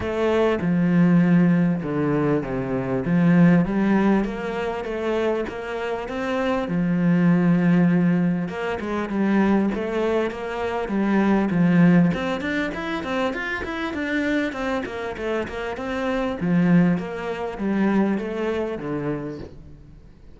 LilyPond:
\new Staff \with { instrumentName = "cello" } { \time 4/4 \tempo 4 = 99 a4 f2 d4 | c4 f4 g4 ais4 | a4 ais4 c'4 f4~ | f2 ais8 gis8 g4 |
a4 ais4 g4 f4 | c'8 d'8 e'8 c'8 f'8 e'8 d'4 | c'8 ais8 a8 ais8 c'4 f4 | ais4 g4 a4 d4 | }